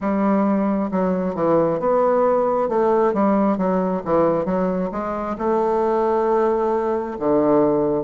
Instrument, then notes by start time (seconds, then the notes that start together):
bassoon
0.00 G3
0.91 F#3
1.34 E3
1.79 B3
2.69 A3
3.13 G3
3.57 F#3
4.05 E3
4.45 F#3
4.91 G#3
5.37 A3
7.19 D3